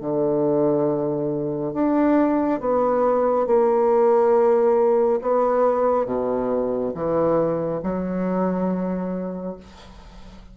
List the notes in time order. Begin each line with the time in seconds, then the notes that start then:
0.00 D3
1.73 D4
2.60 B3
3.46 A#3
5.21 B3
6.06 B2
6.94 E3
7.83 F#3